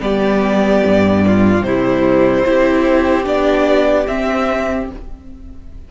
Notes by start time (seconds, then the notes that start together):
0.00 G3 B3 G4 D5
0.86 G2
1.27 F4
1.62 C3 G3 E4 C5
2.45 C4 E4 G4
3.24 B3 D4 D5
4.07 C4 E5